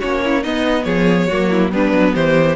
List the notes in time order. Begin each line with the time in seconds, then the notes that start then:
0.00 A#3 C#4 F#4 C#5
0.25 E4
0.43 B3 D#4 D#5
0.84 F3 G#4 C#5
1.28 F#3 A#3 F#4
1.51 E4
1.72 G3 B3 D4 B4
1.92 F#3
2.15 E3 G4 C5